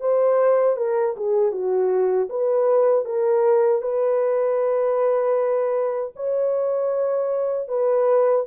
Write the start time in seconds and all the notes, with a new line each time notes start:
0.00 C5
0.77 A#4
1.16 G#4
1.51 F#4
2.29 B4
3.05 A#4
3.82 B4
6.16 C#5
7.68 B4